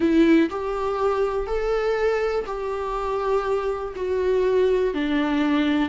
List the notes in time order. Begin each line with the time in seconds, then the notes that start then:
0.00 E4
0.50 G4
1.46 A4
2.46 G4
3.96 F#4
4.94 D4